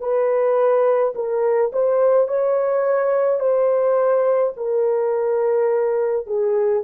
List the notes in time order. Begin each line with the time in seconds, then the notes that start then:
0.00 B4
1.15 A#4
1.72 C5
2.28 C#5
3.40 C5
4.57 A#4
6.27 G#4